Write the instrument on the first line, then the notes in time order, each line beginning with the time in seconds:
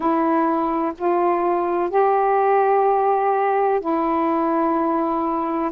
saxophone
0.00 E4
0.97 F4
1.90 G4
3.80 E4